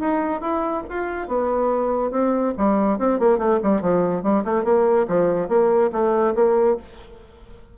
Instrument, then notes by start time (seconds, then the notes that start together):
bassoon
0.00 D#4
0.41 E4
0.89 F4
1.28 B3
2.11 C4
2.57 G3
2.98 C4
3.20 A#3
3.38 A3
3.63 G3
3.81 F3
4.23 G3
4.44 A3
4.64 A#3
5.08 F3
5.49 A#3
5.93 A3
6.35 A#3